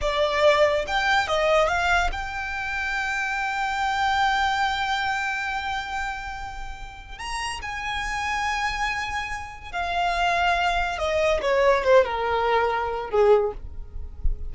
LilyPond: \new Staff \with { instrumentName = "violin" } { \time 4/4 \tempo 4 = 142 d''2 g''4 dis''4 | f''4 g''2.~ | g''1~ | g''1~ |
g''4 ais''4 gis''2~ | gis''2. f''4~ | f''2 dis''4 cis''4 | c''8 ais'2~ ais'8 gis'4 | }